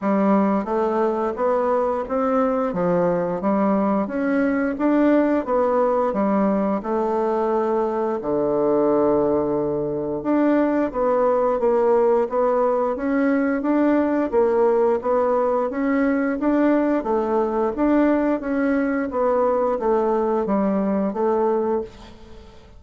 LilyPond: \new Staff \with { instrumentName = "bassoon" } { \time 4/4 \tempo 4 = 88 g4 a4 b4 c'4 | f4 g4 cis'4 d'4 | b4 g4 a2 | d2. d'4 |
b4 ais4 b4 cis'4 | d'4 ais4 b4 cis'4 | d'4 a4 d'4 cis'4 | b4 a4 g4 a4 | }